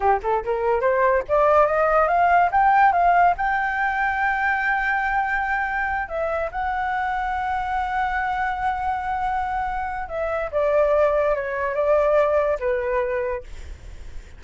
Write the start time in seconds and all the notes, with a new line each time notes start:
0.00 G4
0.23 A4
0.44 A#4
0.80 C5
1.28 D5
1.66 D#5
2.08 F5
2.51 G5
2.92 F5
3.37 G5
6.08 E5
6.51 F#5
10.08 E5
10.51 D5
11.35 C#5
11.74 D5
12.59 B4